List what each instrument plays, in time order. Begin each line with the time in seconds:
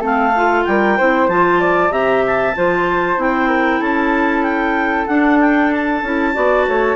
0.00 bassoon A3, clarinet C4 F5, flute A4
0.35 clarinet F4
0.64 bassoon G3, flute A#4, clarinet G5
0.97 bassoon C4, clarinet E4, flute C5
1.28 bassoon F3, clarinet F4 A5
1.60 flute D5
1.90 bassoon C3, clarinet G4 A#5, flute E5
2.26 clarinet A5
2.55 bassoon F3, clarinet F4, flute C5
3.17 bassoon C4, clarinet E4 G5
3.47 flute A#4
3.79 bassoon C#4, flute A4, clarinet A5
4.42 clarinet G5
5.06 bassoon D4, clarinet D4 F#5
5.40 clarinet G5
5.72 clarinet A5
6.02 bassoon C#4, clarinet E4
6.33 bassoon B3, clarinet F#4, flute D5
6.67 bassoon A3, flute C#5